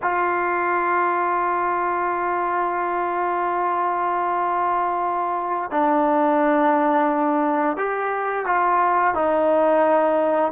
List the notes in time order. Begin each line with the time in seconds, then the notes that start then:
0.02 F4
5.71 D4
7.76 G4
8.45 F4
9.14 D#4